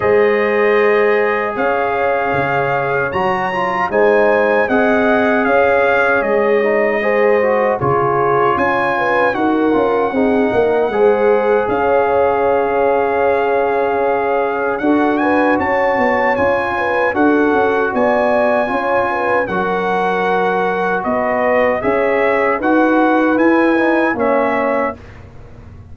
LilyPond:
<<
  \new Staff \with { instrumentName = "trumpet" } { \time 4/4 \tempo 4 = 77 dis''2 f''2 | ais''4 gis''4 fis''4 f''4 | dis''2 cis''4 gis''4 | fis''2. f''4~ |
f''2. fis''8 gis''8 | a''4 gis''4 fis''4 gis''4~ | gis''4 fis''2 dis''4 | e''4 fis''4 gis''4 e''4 | }
  \new Staff \with { instrumentName = "horn" } { \time 4/4 c''2 cis''2~ | cis''4 c''4 dis''4 cis''4~ | cis''4 c''4 gis'4 cis''8 b'8 | ais'4 gis'8 ais'8 c''4 cis''4~ |
cis''2. a'8 b'8 | cis''4. b'8 a'4 d''4 | cis''8 b'8 ais'2 b'4 | cis''4 b'2 cis''4 | }
  \new Staff \with { instrumentName = "trombone" } { \time 4/4 gis'1 | fis'8 f'8 dis'4 gis'2~ | gis'8 dis'8 gis'8 fis'8 f'2 | fis'8 f'8 dis'4 gis'2~ |
gis'2. fis'4~ | fis'4 f'4 fis'2 | f'4 fis'2. | gis'4 fis'4 e'8 dis'8 cis'4 | }
  \new Staff \with { instrumentName = "tuba" } { \time 4/4 gis2 cis'4 cis4 | fis4 gis4 c'4 cis'4 | gis2 cis4 cis'4 | dis'8 cis'8 c'8 ais8 gis4 cis'4~ |
cis'2. d'4 | cis'8 b8 cis'4 d'8 cis'8 b4 | cis'4 fis2 b4 | cis'4 dis'4 e'4 ais4 | }
>>